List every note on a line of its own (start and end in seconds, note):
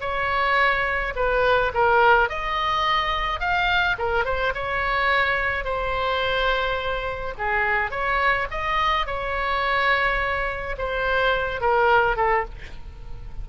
0.00 1.13 C#5
1.15 1.72 B4
1.74 2.29 A#4
2.29 3.39 D#5
3.39 3.96 F5
3.98 4.25 A#4
4.25 4.53 C5
4.54 5.64 C#5
5.64 7.34 C5
7.38 7.90 G#4
7.90 8.47 C#5
8.50 9.06 D#5
9.06 10.75 C#5
10.78 11.60 C5
11.60 12.16 A#4
12.16 12.44 A4